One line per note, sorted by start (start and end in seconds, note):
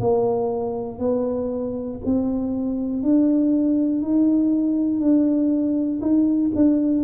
0.00 0.99 A#3
0.99 1.99 B3
2.05 3.02 C4
3.02 4.02 D4
4.02 5.00 D#4
5.00 6.00 D4
6.01 6.51 D#4
6.55 7.04 D4